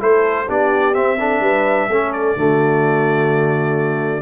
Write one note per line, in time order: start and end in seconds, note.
0.00 0.49 A3
0.00 0.47 E4
0.00 0.48 A4
0.00 0.50 C5
0.48 0.96 B3
0.48 0.94 D4
0.48 1.19 G4
0.48 0.95 D5
0.94 1.18 C4
0.94 1.41 C4
0.94 2.13 E5
1.20 1.90 D4
1.20 1.42 A4
1.41 1.88 G3
1.41 1.89 B4
1.89 2.36 A3
1.89 2.37 C#4
1.89 2.38 A4
2.13 4.22 D5
2.36 4.22 D3
2.36 4.22 A3
2.36 4.22 F#4